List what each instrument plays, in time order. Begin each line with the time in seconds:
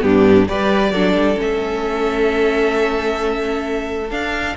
0.00 cello G2, viola B3, violin D4 G4
0.48 cello G3, viola G4, violin B4 D5
0.91 cello F#3, viola D4, violin A4
1.13 cello G3
1.36 cello A3, viola C#4, violin E5
4.10 cello D4, viola D4, violin F5